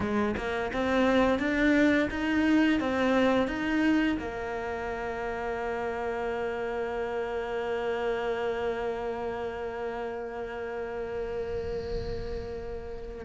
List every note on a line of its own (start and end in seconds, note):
0.00 0.35 G#3
0.36 0.71 A#3
0.73 1.39 C4
1.39 2.08 D4
2.10 2.80 D#4
2.80 3.47 C4
3.47 4.17 D#4
4.19 13.25 A#3